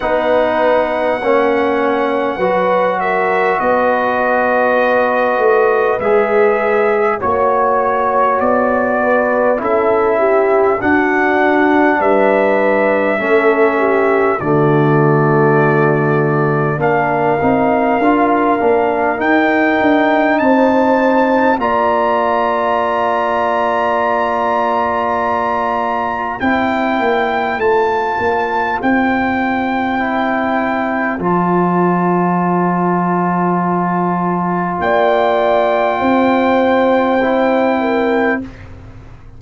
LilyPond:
<<
  \new Staff \with { instrumentName = "trumpet" } { \time 4/4 \tempo 4 = 50 fis''2~ fis''8 e''8 dis''4~ | dis''4 e''4 cis''4 d''4 | e''4 fis''4 e''2 | d''2 f''2 |
g''4 a''4 ais''2~ | ais''2 g''4 a''4 | g''2 a''2~ | a''4 g''2. | }
  \new Staff \with { instrumentName = "horn" } { \time 4/4 b'4 cis''4 b'8 ais'8 b'4~ | b'2 cis''4. b'8 | a'8 g'8 fis'4 b'4 a'8 g'8 | fis'2 ais'2~ |
ais'4 c''4 d''2~ | d''2 c''2~ | c''1~ | c''4 d''4 c''4. ais'8 | }
  \new Staff \with { instrumentName = "trombone" } { \time 4/4 dis'4 cis'4 fis'2~ | fis'4 gis'4 fis'2 | e'4 d'2 cis'4 | a2 d'8 dis'8 f'8 d'8 |
dis'2 f'2~ | f'2 e'4 f'4~ | f'4 e'4 f'2~ | f'2. e'4 | }
  \new Staff \with { instrumentName = "tuba" } { \time 4/4 b4 ais4 fis4 b4~ | b8 a8 gis4 ais4 b4 | cis'4 d'4 g4 a4 | d2 ais8 c'8 d'8 ais8 |
dis'8 d'8 c'4 ais2~ | ais2 c'8 ais8 a8 ais8 | c'2 f2~ | f4 ais4 c'2 | }
>>